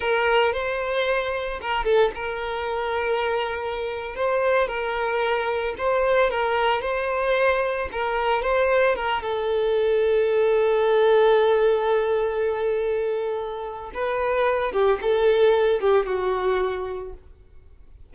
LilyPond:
\new Staff \with { instrumentName = "violin" } { \time 4/4 \tempo 4 = 112 ais'4 c''2 ais'8 a'8 | ais'2.~ ais'8. c''16~ | c''8. ais'2 c''4 ais'16~ | ais'8. c''2 ais'4 c''16~ |
c''8. ais'8 a'2~ a'8.~ | a'1~ | a'2 b'4. g'8 | a'4. g'8 fis'2 | }